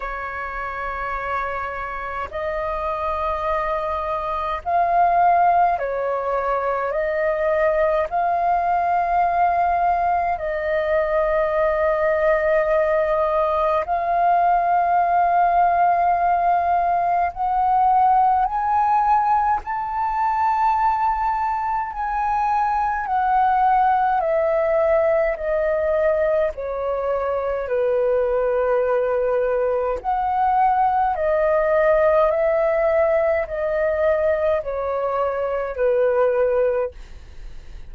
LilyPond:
\new Staff \with { instrumentName = "flute" } { \time 4/4 \tempo 4 = 52 cis''2 dis''2 | f''4 cis''4 dis''4 f''4~ | f''4 dis''2. | f''2. fis''4 |
gis''4 a''2 gis''4 | fis''4 e''4 dis''4 cis''4 | b'2 fis''4 dis''4 | e''4 dis''4 cis''4 b'4 | }